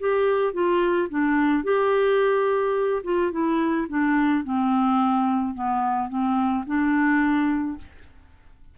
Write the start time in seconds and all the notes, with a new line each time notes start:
0.00 G4
0.53 F4
1.10 D4
1.64 G4
3.04 F4
3.32 E4
3.89 D4
4.44 C4
5.55 B3
6.09 C4
6.67 D4